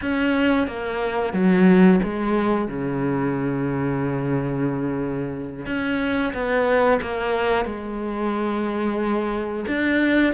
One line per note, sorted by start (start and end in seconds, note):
0.01 0.67 C#4
0.67 1.33 A#3
1.33 2.00 F#3
2.03 2.68 G#3
2.68 5.65 C#3
5.65 6.32 C#4
6.33 7.00 B3
7.01 7.65 A#3
7.65 9.65 G#3
9.67 10.33 D4